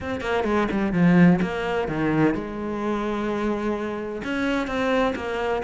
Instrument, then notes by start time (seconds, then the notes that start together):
cello
0.00 C4
0.20 A#3
0.44 G#3
0.71 G3
0.93 F3
1.41 A#3
1.87 D#3
2.34 G#3
4.24 C#4
4.67 C4
5.15 A#3